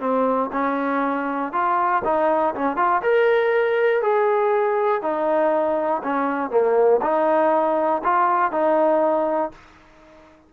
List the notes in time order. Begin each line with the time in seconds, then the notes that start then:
0.00 C4
0.53 C#4
1.52 F4
2.04 D#4
2.55 C#4
2.77 F4
3.02 A#4
4.02 G#4
5.02 D#4
6.03 C#4
6.50 A#3
7.02 D#4
8.04 F4
8.52 D#4